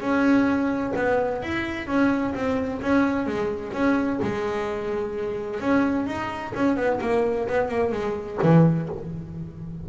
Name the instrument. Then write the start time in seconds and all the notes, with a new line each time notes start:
double bass
0.00 C#4
0.96 B3
1.42 E4
1.87 C#4
2.34 C4
2.81 C#4
3.26 G#3
3.73 C#4
4.22 G#3
5.60 C#4
6.06 D#4
6.54 C#4
6.76 B3
7.01 A#3
7.48 B3
7.68 A#3
7.92 G#3
8.42 E3